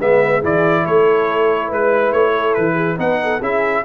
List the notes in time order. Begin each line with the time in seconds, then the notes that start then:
0.00 G#3 B3 B4 E5
0.39 E3 E4 G#4
0.45 D5
0.84 A3 A4 C#5
1.68 G#3 B4
2.12 A3 C#5
2.34 A4
2.54 E3 B4
2.74 G#4
2.98 B3 D#4 B4 F#5
3.23 A4
3.40 C#4 E4 G#4 E5